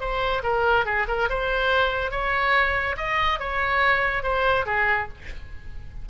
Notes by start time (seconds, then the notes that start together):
0.00 C5
0.43 A#4
0.85 G#4
1.08 A#4
1.29 C5
2.11 C#5
2.97 D#5
3.39 C#5
4.23 C5
4.66 G#4